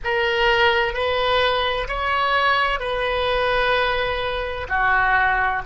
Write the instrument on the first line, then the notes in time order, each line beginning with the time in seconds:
oboe
0.04 A#4
0.93 B4
1.87 C#5
2.79 B4
4.68 F#4